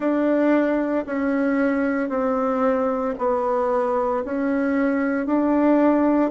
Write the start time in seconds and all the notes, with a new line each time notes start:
0.00 D4
1.06 C#4
2.09 C4
3.18 B3
4.24 C#4
5.26 D4